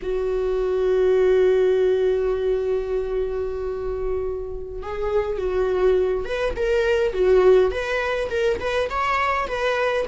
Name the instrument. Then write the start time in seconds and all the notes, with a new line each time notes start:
viola
0.02 F#4
4.82 G#4
5.37 F#4
6.24 B4
6.56 A#4
7.13 F#4
7.71 B4
8.30 A#4
8.59 B4
8.89 C#5
9.47 B4